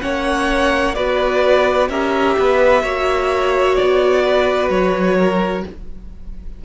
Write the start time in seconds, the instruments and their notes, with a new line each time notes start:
0.00 cello A#3, viola C#4, violin C#5 F#5
0.95 cello B3, viola F#4, violin B4 D5
1.89 cello C#4, viola G4, violin A#4 E5
2.38 cello B3, violin B4
2.83 cello A#3, viola F#4, violin C#5
3.76 cello B3, violin D5
4.24 violin B4
4.70 cello F#3, violin C#5
5.18 violin A#4